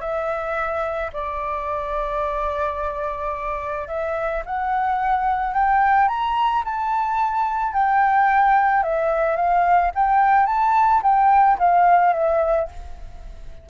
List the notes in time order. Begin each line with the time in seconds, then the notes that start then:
0.00 E5
1.13 D5
3.88 E5
4.45 F#5
5.53 G5
6.08 A#5
6.64 A5
7.73 G5
8.83 E5
9.36 F5
9.95 G5
10.46 A5
11.02 G5
11.58 F5
12.13 E5